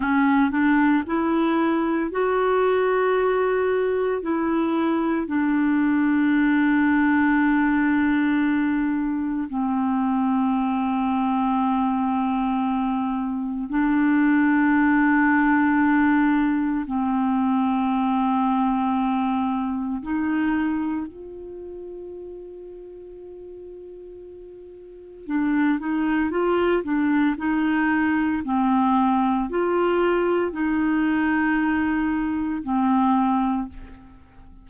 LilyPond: \new Staff \with { instrumentName = "clarinet" } { \time 4/4 \tempo 4 = 57 cis'8 d'8 e'4 fis'2 | e'4 d'2.~ | d'4 c'2.~ | c'4 d'2. |
c'2. dis'4 | f'1 | d'8 dis'8 f'8 d'8 dis'4 c'4 | f'4 dis'2 c'4 | }